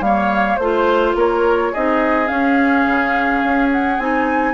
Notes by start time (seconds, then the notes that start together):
0.00 G3 A#3 C#5 F5
0.56 A3 F4 C5
1.15 A#3 A#4 C#5
1.72 C4 D#4 G#4 D#5
2.27 C#4 F5
2.86 C#3
3.43 C#4
3.72 F#5
3.98 C4 D#4 G#5